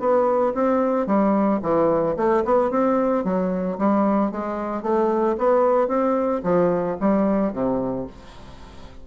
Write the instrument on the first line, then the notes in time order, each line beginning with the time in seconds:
bassoon
0.00 B3
0.54 C4
1.07 G3
1.62 E3
2.16 A3
2.45 B3
2.71 C4
3.24 F#3
3.78 G3
4.31 G#3
4.83 A3
5.38 B3
5.88 C4
6.44 F3
7.00 G3
7.53 C3